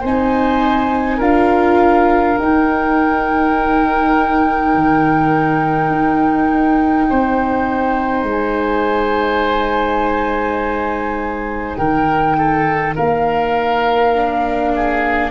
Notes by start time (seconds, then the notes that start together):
0.00 C4 D#4 C5 G#5
1.17 D4 F4 A#4 F5
2.37 D#4 G5
4.75 D#3
5.90 D#4
7.09 C4 C5
8.23 G#3
8.30 G#5
11.76 D#3 A#4 G5
12.37 A4
12.95 A#3 A#4 F5
14.15 D4
14.75 G#4